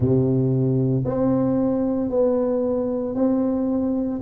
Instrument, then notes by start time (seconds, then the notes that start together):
tuba
0.00 C3
1.05 C4
2.10 B3
3.15 C4